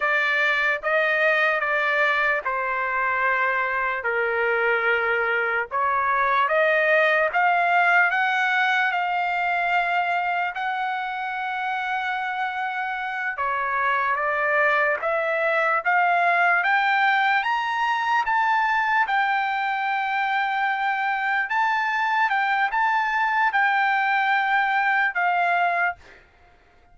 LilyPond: \new Staff \with { instrumentName = "trumpet" } { \time 4/4 \tempo 4 = 74 d''4 dis''4 d''4 c''4~ | c''4 ais'2 cis''4 | dis''4 f''4 fis''4 f''4~ | f''4 fis''2.~ |
fis''8 cis''4 d''4 e''4 f''8~ | f''8 g''4 ais''4 a''4 g''8~ | g''2~ g''8 a''4 g''8 | a''4 g''2 f''4 | }